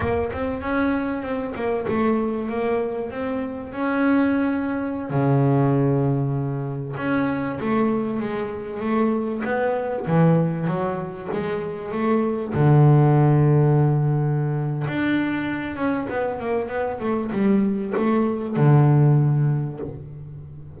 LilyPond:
\new Staff \with { instrumentName = "double bass" } { \time 4/4 \tempo 4 = 97 ais8 c'8 cis'4 c'8 ais8 a4 | ais4 c'4 cis'2~ | cis'16 cis2. cis'8.~ | cis'16 a4 gis4 a4 b8.~ |
b16 e4 fis4 gis4 a8.~ | a16 d2.~ d8. | d'4. cis'8 b8 ais8 b8 a8 | g4 a4 d2 | }